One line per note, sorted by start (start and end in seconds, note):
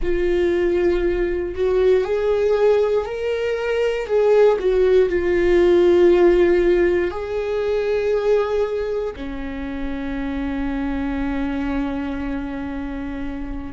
0.02 1.54 F4
1.54 2.04 F#4
2.04 3.05 G#4
3.05 4.06 A#4
4.06 4.57 G#4
4.59 5.08 F#4
5.08 7.10 F4
7.10 9.14 G#4
9.15 13.72 C#4